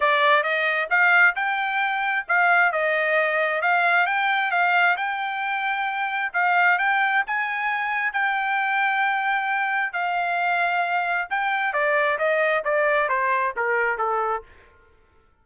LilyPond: \new Staff \with { instrumentName = "trumpet" } { \time 4/4 \tempo 4 = 133 d''4 dis''4 f''4 g''4~ | g''4 f''4 dis''2 | f''4 g''4 f''4 g''4~ | g''2 f''4 g''4 |
gis''2 g''2~ | g''2 f''2~ | f''4 g''4 d''4 dis''4 | d''4 c''4 ais'4 a'4 | }